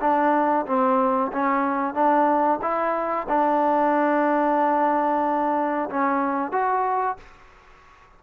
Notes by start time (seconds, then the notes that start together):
0.00 D4
0.66 C4
1.32 C#4
1.94 D4
2.61 E4
3.28 D4
5.89 C#4
6.52 F#4